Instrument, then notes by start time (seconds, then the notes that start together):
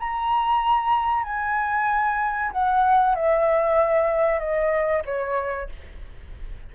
flute
0.00 A#5
1.24 G#5
2.52 F#5
3.16 E5
4.40 D#5
5.06 C#5